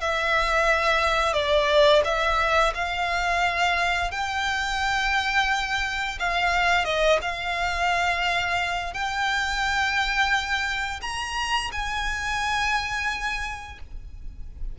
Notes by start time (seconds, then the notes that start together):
0.00 E5
1.33 D5
2.04 E5
2.74 F5
4.11 G5
6.19 F5
6.85 D#5
7.21 F5
8.93 G5
11.02 A#5
11.72 G#5